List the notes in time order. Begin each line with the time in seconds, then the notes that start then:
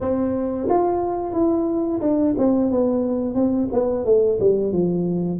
0.00 C4
0.69 F4
1.33 E4
2.01 D4
2.37 C4
2.70 B3
3.34 C4
3.72 B3
4.04 A3
4.39 G3
4.72 F3